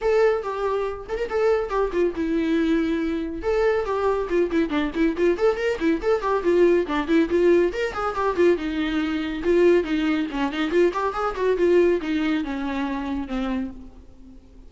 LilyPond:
\new Staff \with { instrumentName = "viola" } { \time 4/4 \tempo 4 = 140 a'4 g'4. a'16 ais'16 a'4 | g'8 f'8 e'2. | a'4 g'4 f'8 e'8 d'8 e'8 | f'8 a'8 ais'8 e'8 a'8 g'8 f'4 |
d'8 e'8 f'4 ais'8 gis'8 g'8 f'8 | dis'2 f'4 dis'4 | cis'8 dis'8 f'8 g'8 gis'8 fis'8 f'4 | dis'4 cis'2 c'4 | }